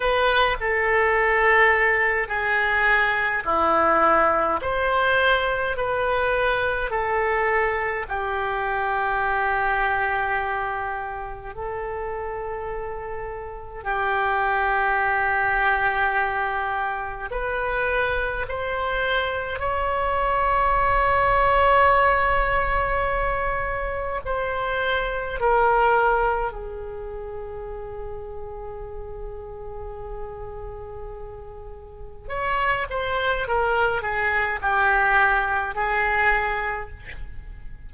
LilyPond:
\new Staff \with { instrumentName = "oboe" } { \time 4/4 \tempo 4 = 52 b'8 a'4. gis'4 e'4 | c''4 b'4 a'4 g'4~ | g'2 a'2 | g'2. b'4 |
c''4 cis''2.~ | cis''4 c''4 ais'4 gis'4~ | gis'1 | cis''8 c''8 ais'8 gis'8 g'4 gis'4 | }